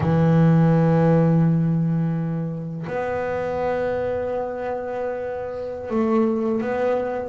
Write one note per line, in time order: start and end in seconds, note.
0.00 2.86 E3
2.87 5.90 B3
5.90 6.61 A3
6.61 7.29 B3